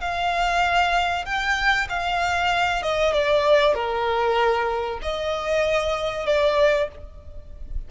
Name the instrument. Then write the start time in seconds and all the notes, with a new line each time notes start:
violin
0.00 F5
1.25 G5
1.89 F5
2.82 D#5
3.13 D5
3.74 A#4
5.01 D#5
6.26 D5